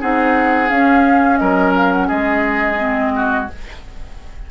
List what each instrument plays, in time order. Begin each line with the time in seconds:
0.00 bassoon C4, clarinet D#4, oboe G#4, flute F#5
0.69 clarinet C#4, bassoon C#4, flute F5
1.36 bassoon F#3, oboe A#4, flute D#5
1.76 flute F5
1.92 flute F#5
2.07 bassoon G#3, oboe G#4, flute D#5
2.77 clarinet C4
3.16 oboe F#4